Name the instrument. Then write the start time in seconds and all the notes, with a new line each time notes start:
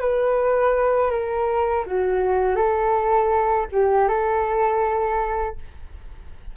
flute
0.00 B4
1.11 A#4
1.86 F#4
2.56 A4
3.72 G4
4.08 A4